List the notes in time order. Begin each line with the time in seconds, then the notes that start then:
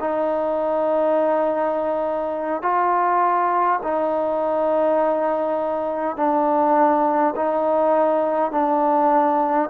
0.00 D#4
2.63 F4
3.83 D#4
6.17 D4
7.36 D#4
8.52 D4